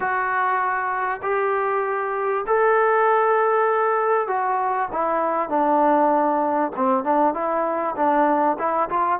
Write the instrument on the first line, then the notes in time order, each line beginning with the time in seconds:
trombone
0.00 F#4
1.22 G4
2.46 A4
4.27 F#4
4.92 E4
5.49 D4
6.76 C4
7.04 D4
7.34 E4
7.95 D4
8.58 E4
8.89 F4